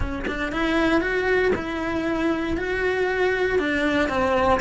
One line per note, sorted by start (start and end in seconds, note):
0.00 0.26 C#4
0.27 0.52 D4
0.52 1.00 E4
1.00 1.52 F#4
1.55 2.57 E4
2.57 3.58 F#4
3.58 4.08 D4
4.08 4.59 C4